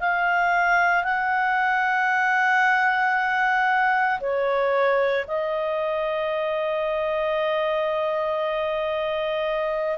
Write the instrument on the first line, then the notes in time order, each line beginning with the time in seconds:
clarinet
0.00 F5
1.04 F#5
4.21 C#5
5.28 D#5